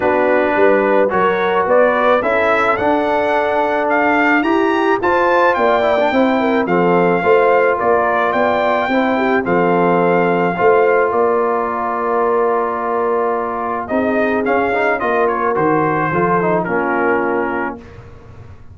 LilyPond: <<
  \new Staff \with { instrumentName = "trumpet" } { \time 4/4 \tempo 4 = 108 b'2 cis''4 d''4 | e''4 fis''2 f''4 | ais''4 a''4 g''2 | f''2 d''4 g''4~ |
g''4 f''2. | d''1~ | d''4 dis''4 f''4 dis''8 cis''8 | c''2 ais'2 | }
  \new Staff \with { instrumentName = "horn" } { \time 4/4 fis'4 b'4 ais'4 b'4 | a'1 | g'4 c''4 d''4 c''8 ais'8 | a'4 c''4 ais'4 d''4 |
c''8 g'8 a'2 c''4 | ais'1~ | ais'4 gis'2 ais'4~ | ais'4 a'4 f'2 | }
  \new Staff \with { instrumentName = "trombone" } { \time 4/4 d'2 fis'2 | e'4 d'2. | g'4 f'4. e'16 d'16 e'4 | c'4 f'2. |
e'4 c'2 f'4~ | f'1~ | f'4 dis'4 cis'8 dis'8 f'4 | fis'4 f'8 dis'8 cis'2 | }
  \new Staff \with { instrumentName = "tuba" } { \time 4/4 b4 g4 fis4 b4 | cis'4 d'2. | e'4 f'4 ais4 c'4 | f4 a4 ais4 b4 |
c'4 f2 a4 | ais1~ | ais4 c'4 cis'4 ais4 | dis4 f4 ais2 | }
>>